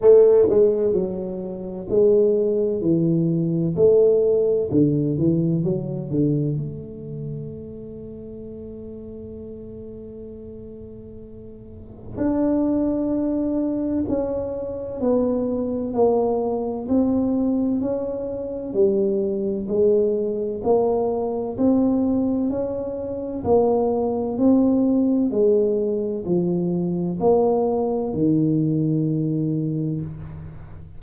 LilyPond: \new Staff \with { instrumentName = "tuba" } { \time 4/4 \tempo 4 = 64 a8 gis8 fis4 gis4 e4 | a4 d8 e8 fis8 d8 a4~ | a1~ | a4 d'2 cis'4 |
b4 ais4 c'4 cis'4 | g4 gis4 ais4 c'4 | cis'4 ais4 c'4 gis4 | f4 ais4 dis2 | }